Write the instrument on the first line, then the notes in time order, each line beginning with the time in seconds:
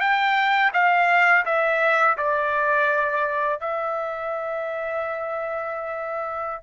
trumpet
0.00 G5
0.74 F5
1.45 E5
2.18 D5
3.60 E5